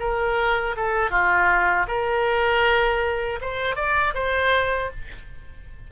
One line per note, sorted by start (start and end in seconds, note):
0.00 0.76 A#4
0.77 1.10 A4
1.10 1.86 F4
1.88 3.40 A#4
3.41 3.76 C5
3.76 4.14 D5
4.15 4.91 C5